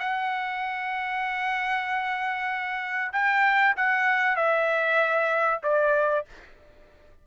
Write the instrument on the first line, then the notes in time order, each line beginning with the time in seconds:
trumpet
0.00 F#5
3.13 G5
3.77 F#5
4.37 E5
5.63 D5